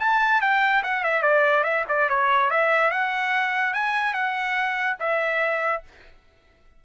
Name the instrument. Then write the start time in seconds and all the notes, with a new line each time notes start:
trumpet
0.00 A5
0.41 G5
0.84 F#5
1.04 E5
1.23 D5
1.64 E5
1.88 D5
2.09 C#5
2.51 E5
2.91 F#5
3.74 G#5
4.14 F#5
5.00 E5